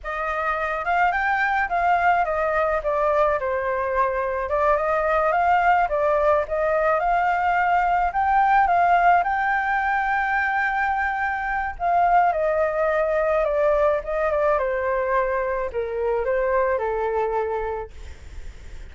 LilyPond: \new Staff \with { instrumentName = "flute" } { \time 4/4 \tempo 4 = 107 dis''4. f''8 g''4 f''4 | dis''4 d''4 c''2 | d''8 dis''4 f''4 d''4 dis''8~ | dis''8 f''2 g''4 f''8~ |
f''8 g''2.~ g''8~ | g''4 f''4 dis''2 | d''4 dis''8 d''8 c''2 | ais'4 c''4 a'2 | }